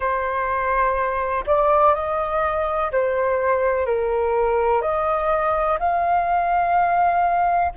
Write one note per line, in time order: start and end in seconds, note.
0.00 1.44 C5
1.46 1.94 D5
1.94 2.91 D#5
2.91 3.85 C5
3.85 4.81 A#4
4.81 5.78 D#5
5.78 7.72 F5